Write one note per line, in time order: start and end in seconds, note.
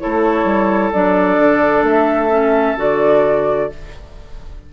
0.00 0.93 E4
0.00 3.72 A4
0.00 0.92 C#5
0.06 0.44 A3
0.44 0.91 G3
0.93 1.39 F#3
0.93 2.31 D4
0.93 1.85 D5
1.39 1.83 D3
1.83 2.75 A3
1.83 2.79 E5
2.31 2.77 C#4
2.77 3.69 D3
2.77 3.70 F#4
2.77 3.73 D5